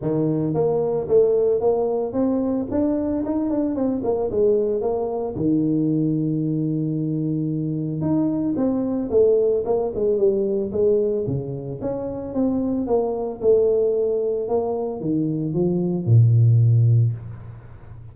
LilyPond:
\new Staff \with { instrumentName = "tuba" } { \time 4/4 \tempo 4 = 112 dis4 ais4 a4 ais4 | c'4 d'4 dis'8 d'8 c'8 ais8 | gis4 ais4 dis2~ | dis2. dis'4 |
c'4 a4 ais8 gis8 g4 | gis4 cis4 cis'4 c'4 | ais4 a2 ais4 | dis4 f4 ais,2 | }